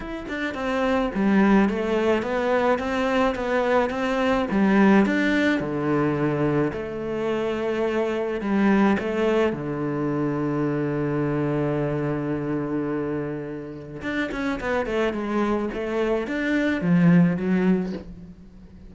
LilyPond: \new Staff \with { instrumentName = "cello" } { \time 4/4 \tempo 4 = 107 e'8 d'8 c'4 g4 a4 | b4 c'4 b4 c'4 | g4 d'4 d2 | a2. g4 |
a4 d2.~ | d1~ | d4 d'8 cis'8 b8 a8 gis4 | a4 d'4 f4 fis4 | }